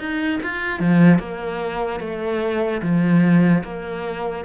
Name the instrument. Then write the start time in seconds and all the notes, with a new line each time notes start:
cello
0.00 D#4
0.43 F4
0.80 F3
1.19 A#3
2.00 A3
2.83 F3
3.64 A#3